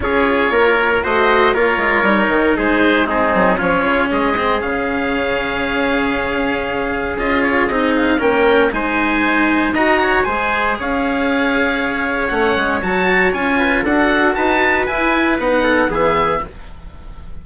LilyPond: <<
  \new Staff \with { instrumentName = "oboe" } { \time 4/4 \tempo 4 = 117 cis''2 dis''4 cis''4~ | cis''4 c''4 gis'4 cis''4 | dis''4 f''2.~ | f''2 dis''8 cis''8 dis''8 f''8 |
g''4 gis''2 ais''4 | gis''4 f''2. | fis''4 a''4 gis''4 fis''4 | a''4 gis''4 fis''4 e''4 | }
  \new Staff \with { instrumentName = "trumpet" } { \time 4/4 gis'4 ais'4 c''4 ais'4~ | ais'4 gis'4 dis'4 f'4 | gis'1~ | gis'1 |
ais'4 c''2 dis''8 cis''8 | c''4 cis''2.~ | cis''2~ cis''8 b'8 a'4 | b'2~ b'8 a'8 gis'4 | }
  \new Staff \with { instrumentName = "cello" } { \time 4/4 f'2 fis'4 f'4 | dis'2 c'4 cis'4~ | cis'8 c'8 cis'2.~ | cis'2 f'4 dis'4 |
cis'4 dis'2 fis'4 | gis'1 | cis'4 fis'4 f'4 fis'4~ | fis'4 e'4 dis'4 b4 | }
  \new Staff \with { instrumentName = "bassoon" } { \time 4/4 cis'4 ais4 a4 ais8 gis8 | g8 dis8 gis4. fis8 f8 cis8 | gis4 cis2.~ | cis2 cis'4 c'4 |
ais4 gis2 dis'4 | gis4 cis'2. | a8 gis8 fis4 cis'4 d'4 | dis'4 e'4 b4 e4 | }
>>